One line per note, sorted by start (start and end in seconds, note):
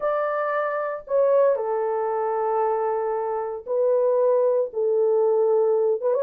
0.00 1.03 D5
1.07 1.56 C#5
1.56 3.64 A4
3.66 4.70 B4
4.73 6.01 A4
6.01 6.14 B4
6.14 6.23 C#5